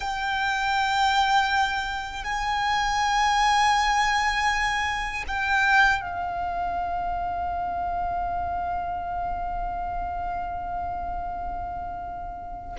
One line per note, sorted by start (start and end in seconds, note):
0.00 2.24 G5
2.24 5.24 G#5
5.27 6.01 G5
6.01 12.76 F5